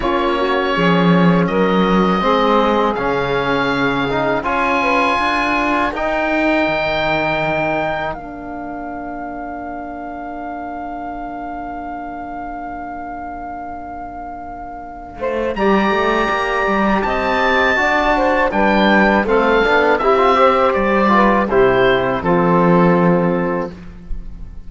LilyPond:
<<
  \new Staff \with { instrumentName = "oboe" } { \time 4/4 \tempo 4 = 81 cis''2 dis''2 | f''2 gis''2 | g''2. f''4~ | f''1~ |
f''1~ | f''4 ais''2 a''4~ | a''4 g''4 f''4 e''4 | d''4 c''4 a'2 | }
  \new Staff \with { instrumentName = "saxophone" } { \time 4/4 f'8 fis'8 gis'4 ais'4 gis'4~ | gis'2 cis''8 b'8 ais'4~ | ais'1~ | ais'1~ |
ais'1~ | ais'8 c''8 d''2 dis''4 | d''8 c''8 b'4 a'4 g'8 c''8~ | c''8 b'8 g'4 f'2 | }
  \new Staff \with { instrumentName = "trombone" } { \time 4/4 cis'2. c'4 | cis'4. dis'8 f'2 | dis'2. d'4~ | d'1~ |
d'1~ | d'4 g'2. | fis'4 d'4 c'8 d'8 e'16 f'16 g'8~ | g'8 f'8 e'4 c'2 | }
  \new Staff \with { instrumentName = "cello" } { \time 4/4 ais4 f4 fis4 gis4 | cis2 cis'4 d'4 | dis'4 dis2 ais4~ | ais1~ |
ais1~ | ais8 a8 g8 a8 ais8 g8 c'4 | d'4 g4 a8 b8 c'4 | g4 c4 f2 | }
>>